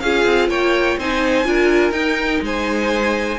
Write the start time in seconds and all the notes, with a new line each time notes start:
0.00 C#4 F4 G#4 F5
0.25 C4
0.48 A#3 C#5 G5
0.97 C4 D#4 C5 G#5
1.44 D4 F4 A#4
1.91 D#4 G5
2.41 G#3 C5 G#5